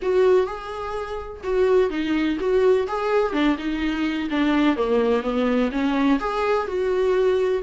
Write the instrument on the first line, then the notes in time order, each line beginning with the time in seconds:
viola
0.02 F#4
0.46 G#4
1.43 F#4
1.90 D#4
2.39 F#4
2.87 G#4
3.32 D4
3.58 D#4
4.30 D4
4.76 A#3
5.23 B3
5.71 C#4
6.19 G#4
6.67 F#4